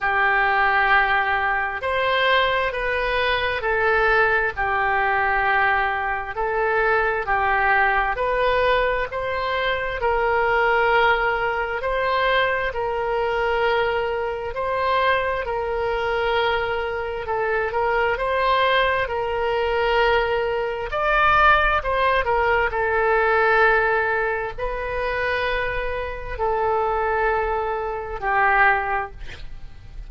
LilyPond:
\new Staff \with { instrumentName = "oboe" } { \time 4/4 \tempo 4 = 66 g'2 c''4 b'4 | a'4 g'2 a'4 | g'4 b'4 c''4 ais'4~ | ais'4 c''4 ais'2 |
c''4 ais'2 a'8 ais'8 | c''4 ais'2 d''4 | c''8 ais'8 a'2 b'4~ | b'4 a'2 g'4 | }